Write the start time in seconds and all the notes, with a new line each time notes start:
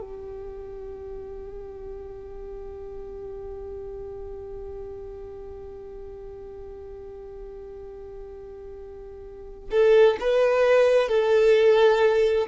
0.00 G4
9.70 A4
10.20 B4
11.09 A4